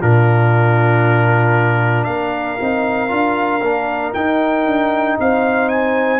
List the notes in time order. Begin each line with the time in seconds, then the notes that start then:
0.00 A#2 D4 F4 A#4
2.04 A#3 A#4 F5
2.59 C4 D#4
3.08 D4 F4
3.61 A#3 D4
4.13 D#4 G5
4.66 D4
5.19 C4 C5 F5
5.69 G#5